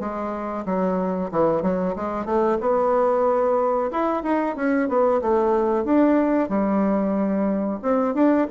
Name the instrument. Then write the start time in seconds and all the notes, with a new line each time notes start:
bassoon
0.00 G#3
0.66 F#3
1.32 E3
1.62 F#3
1.96 G#3
2.26 A3
2.61 B3
3.92 E4
4.23 D#4
4.56 C#4
4.89 B3
5.21 A3
5.85 D4
6.49 G3
7.82 C4
8.15 D4